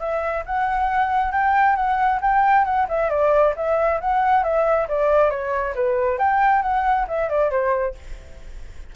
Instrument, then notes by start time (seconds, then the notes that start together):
flute
0.00 E5
0.46 F#5
1.32 G5
1.76 F#5
2.22 G5
2.65 F#5
2.89 E5
3.10 D5
3.56 E5
4.01 F#5
4.44 E5
4.89 D5
5.30 C#5
5.75 B4
6.19 G5
6.63 F#5
7.08 E5
7.29 D5
7.51 C5